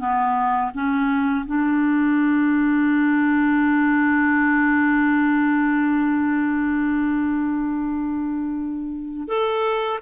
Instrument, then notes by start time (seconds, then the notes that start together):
clarinet
0.00 B3
0.74 C#4
1.46 D4
9.29 A4